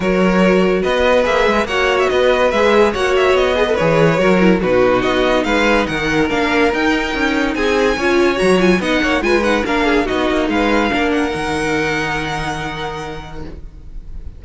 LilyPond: <<
  \new Staff \with { instrumentName = "violin" } { \time 4/4 \tempo 4 = 143 cis''2 dis''4 e''4 | fis''8. e''16 dis''4 e''4 fis''8 e''8 | dis''4 cis''2 b'4 | dis''4 f''4 fis''4 f''4 |
g''2 gis''2 | ais''8 gis''8 fis''4 gis''8 fis''8 f''4 | dis''4 f''4. fis''4.~ | fis''1 | }
  \new Staff \with { instrumentName = "violin" } { \time 4/4 ais'2 b'2 | cis''4 b'2 cis''4~ | cis''8 b'4. ais'4 fis'4~ | fis'4 b'4 ais'2~ |
ais'2 gis'4 cis''4~ | cis''4 dis''8 cis''8 b'4 ais'8 gis'8 | fis'4 b'4 ais'2~ | ais'1 | }
  \new Staff \with { instrumentName = "viola" } { \time 4/4 fis'2. gis'4 | fis'2 gis'4 fis'4~ | fis'8 gis'16 a'16 gis'4 fis'8 e'8 dis'4~ | dis'2. d'4 |
dis'2. f'4 | fis'8 f'8 dis'4 f'8 dis'8 d'4 | dis'2 d'4 dis'4~ | dis'1 | }
  \new Staff \with { instrumentName = "cello" } { \time 4/4 fis2 b4 ais8 gis8 | ais4 b4 gis4 ais4 | b4 e4 fis4 b,4 | b4 gis4 dis4 ais4 |
dis'4 cis'4 c'4 cis'4 | fis4 b8 ais8 gis4 ais4 | b8 ais8 gis4 ais4 dis4~ | dis1 | }
>>